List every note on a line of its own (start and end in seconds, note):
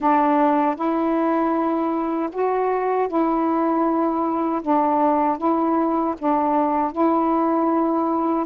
0.00 0.75 D4
0.75 2.29 E4
2.32 3.08 F#4
3.08 4.62 E4
4.62 5.38 D4
5.38 6.15 E4
6.18 6.92 D4
6.92 8.45 E4